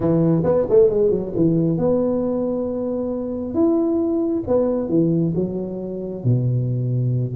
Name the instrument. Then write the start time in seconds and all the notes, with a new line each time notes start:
tuba
0.00 E3
0.44 B3
0.69 A3
0.89 G#3
1.10 F#3
1.35 E3
1.78 B3
3.54 E4
4.47 B3
4.88 E3
5.35 F#3
6.23 B2